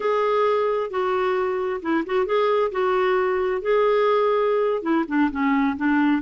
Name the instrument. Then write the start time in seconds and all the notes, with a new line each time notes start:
clarinet
0.00 G#4
0.90 F#4
1.82 E4
2.05 F#4
2.26 G#4
2.71 F#4
3.61 G#4
4.82 E4
5.08 D4
5.31 C#4
5.76 D4